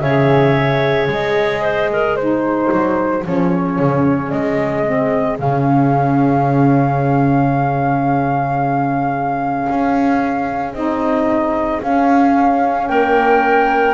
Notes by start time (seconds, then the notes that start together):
0.00 C#3 G#4 C#5 E5
1.08 G#3 D#5
1.62 C5
1.92 A#4
2.16 D#4 G#4 C5
2.72 F#3
3.24 F3 C#4 C#5
3.79 C#3
4.30 G#3 D#5
4.85 C4
5.39 C#3 C#4 F5
9.69 C#4
10.74 C4 D#4 D#5
11.81 C#4 F5
12.88 A#3 A#4 G5